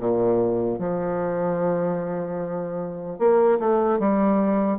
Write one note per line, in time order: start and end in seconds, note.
0.00 0.79 A#2
0.79 3.19 F3
3.19 3.59 A#3
3.60 3.99 A3
3.99 4.79 G3